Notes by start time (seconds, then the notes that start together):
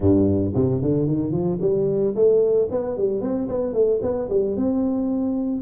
0.00 G2
0.54 C3
0.81 D3
1.06 D#3
1.31 F3
1.61 G3
2.15 A3
2.71 B3
2.97 G3
3.21 C4
3.48 B3
3.73 A3
4.02 B3
4.29 G3
4.56 C4